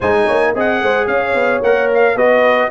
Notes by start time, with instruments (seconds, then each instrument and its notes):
0.00 tuba G#3, trombone D#4, horn C5, trumpet G#5
0.26 tuba A#3, horn C#5
0.54 tuba C4, trombone G#4, horn D#5, trumpet F#5
0.82 tuba G#3, horn C5
1.07 tuba C#4, horn C#5, trumpet F5
1.34 tuba B3
1.61 tuba A#3, trombone A#4, trumpet F#5
1.94 trumpet F5
2.15 tuba B3, trombone F#4, horn B4, trumpet D#5